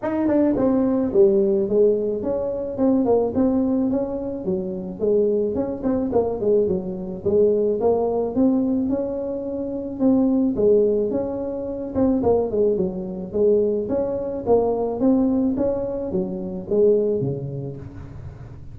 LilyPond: \new Staff \with { instrumentName = "tuba" } { \time 4/4 \tempo 4 = 108 dis'8 d'8 c'4 g4 gis4 | cis'4 c'8 ais8 c'4 cis'4 | fis4 gis4 cis'8 c'8 ais8 gis8 | fis4 gis4 ais4 c'4 |
cis'2 c'4 gis4 | cis'4. c'8 ais8 gis8 fis4 | gis4 cis'4 ais4 c'4 | cis'4 fis4 gis4 cis4 | }